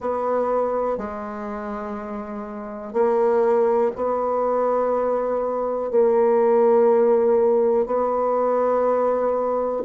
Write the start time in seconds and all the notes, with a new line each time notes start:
0.00 B3
0.97 G#3
2.92 A#3
3.95 B3
5.90 A#3
7.86 B3